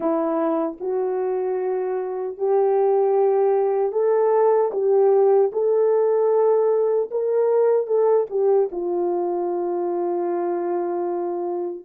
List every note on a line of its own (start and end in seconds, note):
0.00 0.78 E4
0.80 2.37 F#4
2.37 3.92 G4
3.92 4.71 A4
4.72 5.50 G4
5.52 7.10 A4
7.11 7.86 A#4
7.86 8.26 A4
8.30 8.69 G4
8.71 11.85 F4